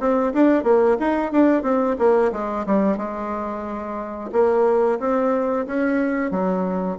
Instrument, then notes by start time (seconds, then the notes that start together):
bassoon
0.00 C4
0.34 D4
0.64 A#3
1.00 D#4
1.32 D4
1.63 C4
1.98 A#3
2.32 G#3
2.66 G3
2.97 G#3
4.32 A#3
5.00 C4
5.67 C#4
6.31 F#3